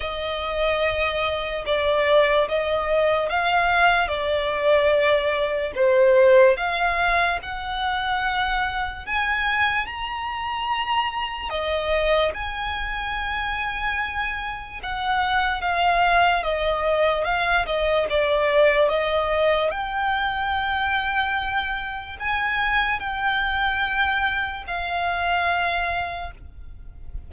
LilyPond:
\new Staff \with { instrumentName = "violin" } { \time 4/4 \tempo 4 = 73 dis''2 d''4 dis''4 | f''4 d''2 c''4 | f''4 fis''2 gis''4 | ais''2 dis''4 gis''4~ |
gis''2 fis''4 f''4 | dis''4 f''8 dis''8 d''4 dis''4 | g''2. gis''4 | g''2 f''2 | }